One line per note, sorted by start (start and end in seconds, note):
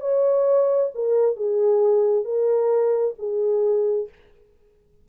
0.00 0.90 C#5
0.94 1.36 A#4
1.36 2.24 G#4
2.24 3.14 A#4
3.18 4.08 G#4